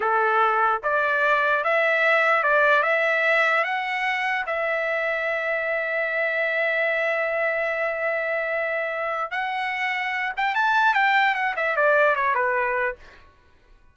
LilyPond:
\new Staff \with { instrumentName = "trumpet" } { \time 4/4 \tempo 4 = 148 a'2 d''2 | e''2 d''4 e''4~ | e''4 fis''2 e''4~ | e''1~ |
e''1~ | e''2. fis''4~ | fis''4. g''8 a''4 g''4 | fis''8 e''8 d''4 cis''8 b'4. | }